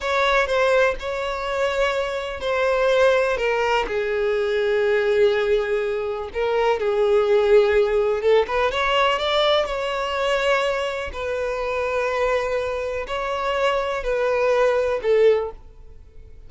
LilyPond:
\new Staff \with { instrumentName = "violin" } { \time 4/4 \tempo 4 = 124 cis''4 c''4 cis''2~ | cis''4 c''2 ais'4 | gis'1~ | gis'4 ais'4 gis'2~ |
gis'4 a'8 b'8 cis''4 d''4 | cis''2. b'4~ | b'2. cis''4~ | cis''4 b'2 a'4 | }